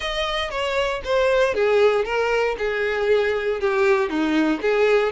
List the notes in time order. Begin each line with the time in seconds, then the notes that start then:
0.00 D#5
0.50 C#5
1.04 C5
1.54 G#4
2.04 A#4
2.58 G#4
3.60 G4
4.09 D#4
4.61 G#4